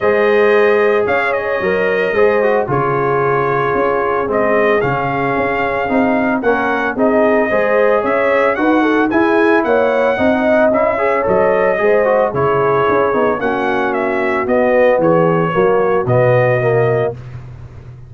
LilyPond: <<
  \new Staff \with { instrumentName = "trumpet" } { \time 4/4 \tempo 4 = 112 dis''2 f''8 dis''4.~ | dis''4 cis''2. | dis''4 f''2. | fis''4 dis''2 e''4 |
fis''4 gis''4 fis''2 | e''4 dis''2 cis''4~ | cis''4 fis''4 e''4 dis''4 | cis''2 dis''2 | }
  \new Staff \with { instrumentName = "horn" } { \time 4/4 c''2 cis''2 | c''4 gis'2.~ | gis'1 | ais'4 gis'4 c''4 cis''4 |
b'8 a'8 gis'4 cis''4 dis''4~ | dis''8 cis''4. c''4 gis'4~ | gis'4 fis'2. | gis'4 fis'2. | }
  \new Staff \with { instrumentName = "trombone" } { \time 4/4 gis'2. ais'4 | gis'8 fis'8 f'2. | c'4 cis'2 dis'4 | cis'4 dis'4 gis'2 |
fis'4 e'2 dis'4 | e'8 gis'8 a'4 gis'8 fis'8 e'4~ | e'8 dis'8 cis'2 b4~ | b4 ais4 b4 ais4 | }
  \new Staff \with { instrumentName = "tuba" } { \time 4/4 gis2 cis'4 fis4 | gis4 cis2 cis'4 | gis4 cis4 cis'4 c'4 | ais4 c'4 gis4 cis'4 |
dis'4 e'4 ais4 c'4 | cis'4 fis4 gis4 cis4 | cis'8 b8 ais2 b4 | e4 fis4 b,2 | }
>>